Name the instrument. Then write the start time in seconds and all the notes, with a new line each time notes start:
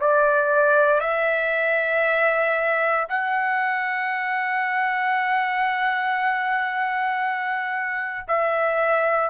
trumpet
0.00 D5
1.00 E5
3.08 F#5
8.28 E5